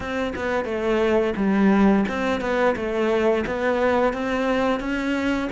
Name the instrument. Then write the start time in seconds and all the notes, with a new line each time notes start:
cello
0.00 C4
0.35 B3
0.64 A3
1.36 G3
2.08 C4
2.40 B3
2.76 A3
3.46 B3
4.13 C4
4.80 C#4